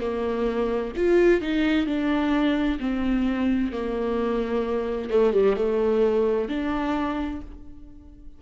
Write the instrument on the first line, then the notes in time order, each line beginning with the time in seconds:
viola
0.00 A#3
0.96 F4
1.41 D#4
1.86 D4
2.79 C4
3.72 A#3
5.10 A3
5.33 G3
5.56 A3
6.49 D4